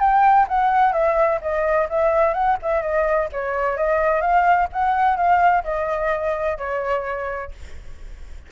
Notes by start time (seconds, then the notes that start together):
0.00 G5
0.49 F#5
0.93 E5
1.42 D#5
1.90 E5
2.34 F#5
2.62 E5
2.82 D#5
3.32 C#5
3.77 D#5
4.21 F5
4.73 F#5
5.17 F5
5.64 D#5
6.58 C#5